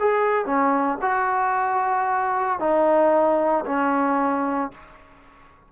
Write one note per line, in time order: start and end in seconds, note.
0.00 0.46 G#4
0.46 0.99 C#4
1.02 2.60 F#4
2.60 3.65 D#4
3.66 4.72 C#4